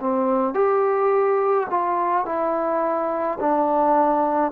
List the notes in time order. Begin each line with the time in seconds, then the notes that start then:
0.00 C4
0.54 G4
1.70 F4
2.25 E4
3.40 D4